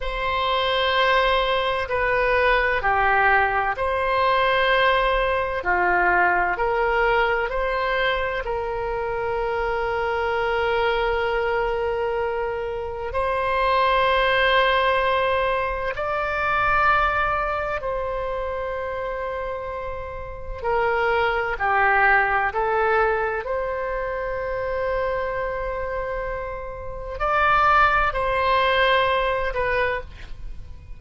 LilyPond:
\new Staff \with { instrumentName = "oboe" } { \time 4/4 \tempo 4 = 64 c''2 b'4 g'4 | c''2 f'4 ais'4 | c''4 ais'2.~ | ais'2 c''2~ |
c''4 d''2 c''4~ | c''2 ais'4 g'4 | a'4 c''2.~ | c''4 d''4 c''4. b'8 | }